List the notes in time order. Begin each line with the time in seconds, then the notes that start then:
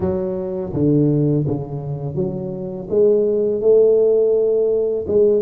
0.00 F#3
0.73 D3
1.47 C#3
2.15 F#3
2.89 G#3
3.61 A3
5.07 G#3